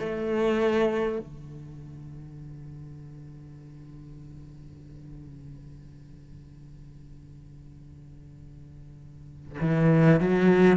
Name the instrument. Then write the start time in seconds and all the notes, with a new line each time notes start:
cello
0.00 A3
1.20 D3
9.61 E3
10.21 F#3